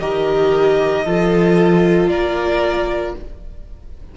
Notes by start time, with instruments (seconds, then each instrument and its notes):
0.00 cello D#3, viola G4, violin A#4 D#5
1.05 cello F3, viola F4, violin A4
2.09 cello A#3, violin A#4 D5